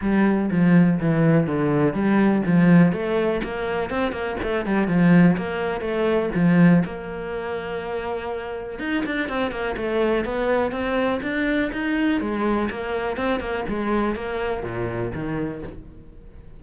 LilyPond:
\new Staff \with { instrumentName = "cello" } { \time 4/4 \tempo 4 = 123 g4 f4 e4 d4 | g4 f4 a4 ais4 | c'8 ais8 a8 g8 f4 ais4 | a4 f4 ais2~ |
ais2 dis'8 d'8 c'8 ais8 | a4 b4 c'4 d'4 | dis'4 gis4 ais4 c'8 ais8 | gis4 ais4 ais,4 dis4 | }